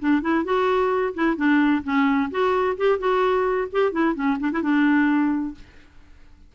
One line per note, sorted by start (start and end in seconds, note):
0.00 0.22 D4
0.22 0.45 E4
0.45 1.14 F#4
1.15 1.37 E4
1.37 1.83 D4
1.84 2.30 C#4
2.31 2.77 F#4
2.78 2.99 G4
2.99 3.69 F#4
3.73 3.93 G4
3.93 4.15 E4
4.15 4.38 C#4
4.40 4.52 D4
4.52 4.63 E4
4.63 5.55 D4